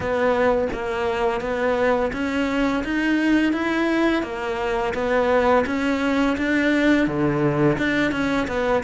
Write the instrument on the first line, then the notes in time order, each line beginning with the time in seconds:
cello
0.00 B3
0.72 A#3
1.41 B3
2.12 C#4
2.84 D#4
3.52 E4
4.23 A#3
4.94 B3
5.66 C#4
6.37 D4
7.07 D3
7.77 D4
8.11 C#4
8.47 B3